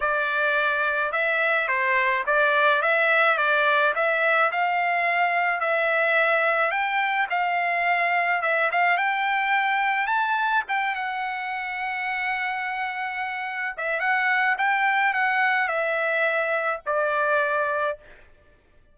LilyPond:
\new Staff \with { instrumentName = "trumpet" } { \time 4/4 \tempo 4 = 107 d''2 e''4 c''4 | d''4 e''4 d''4 e''4 | f''2 e''2 | g''4 f''2 e''8 f''8 |
g''2 a''4 g''8 fis''8~ | fis''1~ | fis''8 e''8 fis''4 g''4 fis''4 | e''2 d''2 | }